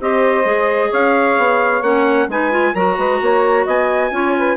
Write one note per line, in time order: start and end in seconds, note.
0.00 0.45 C4
0.00 0.45 G4
0.00 0.90 C5
0.00 0.93 D#5
0.45 0.91 G#3
0.45 1.82 G#4
0.90 1.37 C#4
0.90 2.27 C#5
0.90 1.83 F5
1.37 1.82 B3
1.82 2.28 A#3
1.82 2.29 C#4
1.82 2.29 F#5
2.28 2.73 G#3
2.28 2.51 D#4
2.28 2.73 B4
2.28 2.75 G#5
2.51 2.74 F4
2.73 2.98 F#3
2.73 4.12 F#4
2.73 2.96 A#4
2.73 3.67 A#5
2.98 3.21 G#3
2.98 3.21 B4
3.21 3.66 A#3
3.21 3.65 C#5
3.65 4.11 B3
3.65 4.11 D#5
3.65 4.57 G#5
4.11 4.57 C#4
4.11 4.57 F4
4.11 4.36 C#5
4.38 4.57 B4